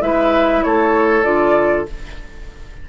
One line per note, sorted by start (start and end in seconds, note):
0.00 0.63 G#3
0.00 1.23 E4
0.00 0.64 B4
0.00 0.63 E5
0.63 1.24 A3
0.63 1.89 A4
0.63 1.23 C#5
1.23 1.86 D3
1.23 1.85 F4
1.23 1.85 D5